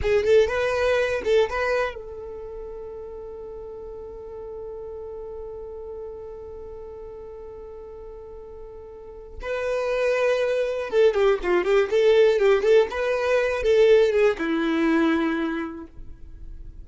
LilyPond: \new Staff \with { instrumentName = "violin" } { \time 4/4 \tempo 4 = 121 gis'8 a'8 b'4. a'8 b'4 | a'1~ | a'1~ | a'1~ |
a'2. b'4~ | b'2 a'8 g'8 f'8 g'8 | a'4 g'8 a'8 b'4. a'8~ | a'8 gis'8 e'2. | }